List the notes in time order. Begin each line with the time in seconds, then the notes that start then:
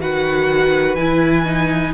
0.00 D#3 F#4 B4 F#5
0.96 E3 E4 G#5
1.46 D#4